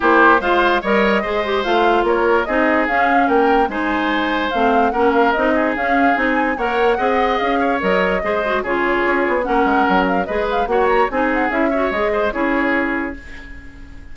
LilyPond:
<<
  \new Staff \with { instrumentName = "flute" } { \time 4/4 \tempo 4 = 146 c''4 f''4 dis''2 | f''4 cis''4 dis''4 f''4 | g''4 gis''2 f''4 | fis''8 f''8 dis''4 f''4 gis''4 |
fis''2 f''4 dis''4~ | dis''4 cis''2 fis''4~ | fis''8 f''8 dis''8 f''8 fis''8 ais''8 gis''8 fis''8 | e''4 dis''4 cis''2 | }
  \new Staff \with { instrumentName = "oboe" } { \time 4/4 g'4 c''4 cis''4 c''4~ | c''4 ais'4 gis'2 | ais'4 c''2. | ais'4. gis'2~ gis'8 |
cis''4 dis''4. cis''4. | c''4 gis'2 ais'4~ | ais'4 b'4 cis''4 gis'4~ | gis'8 cis''4 c''8 gis'2 | }
  \new Staff \with { instrumentName = "clarinet" } { \time 4/4 e'4 f'4 ais'4 gis'8 g'8 | f'2 dis'4 cis'4~ | cis'4 dis'2 c'4 | cis'4 dis'4 cis'4 dis'4 |
ais'4 gis'2 ais'4 | gis'8 fis'8 f'2 cis'4~ | cis'4 gis'4 fis'4 dis'4 | e'8 fis'8 gis'4 e'2 | }
  \new Staff \with { instrumentName = "bassoon" } { \time 4/4 ais4 gis4 g4 gis4 | a4 ais4 c'4 cis'4 | ais4 gis2 a4 | ais4 c'4 cis'4 c'4 |
ais4 c'4 cis'4 fis4 | gis4 cis4 cis'8 b8 ais8 gis8 | fis4 gis4 ais4 c'4 | cis'4 gis4 cis'2 | }
>>